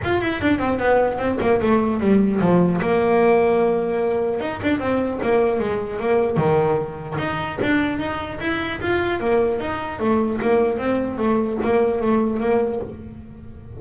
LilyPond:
\new Staff \with { instrumentName = "double bass" } { \time 4/4 \tempo 4 = 150 f'8 e'8 d'8 c'8 b4 c'8 ais8 | a4 g4 f4 ais4~ | ais2. dis'8 d'8 | c'4 ais4 gis4 ais4 |
dis2 dis'4 d'4 | dis'4 e'4 f'4 ais4 | dis'4 a4 ais4 c'4 | a4 ais4 a4 ais4 | }